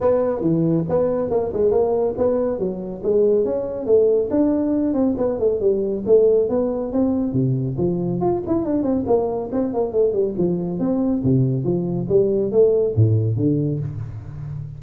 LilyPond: \new Staff \with { instrumentName = "tuba" } { \time 4/4 \tempo 4 = 139 b4 e4 b4 ais8 gis8 | ais4 b4 fis4 gis4 | cis'4 a4 d'4. c'8 | b8 a8 g4 a4 b4 |
c'4 c4 f4 f'8 e'8 | d'8 c'8 ais4 c'8 ais8 a8 g8 | f4 c'4 c4 f4 | g4 a4 a,4 d4 | }